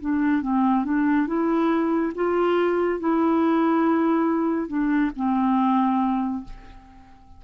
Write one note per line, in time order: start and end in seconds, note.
0.00 0.42 D4
0.42 0.85 C4
0.85 1.27 D4
1.27 2.13 E4
2.15 3.00 F4
3.00 4.68 E4
4.68 5.11 D4
5.16 6.44 C4